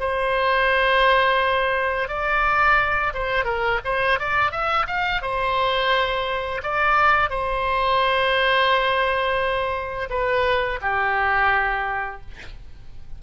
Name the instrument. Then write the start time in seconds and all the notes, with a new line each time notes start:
oboe
0.00 C5
2.08 D5
3.14 C5
3.44 A#4
3.85 C5
4.20 D5
4.52 E5
4.87 F5
5.22 C5
6.63 D5
7.30 C5
10.10 B4
10.81 G4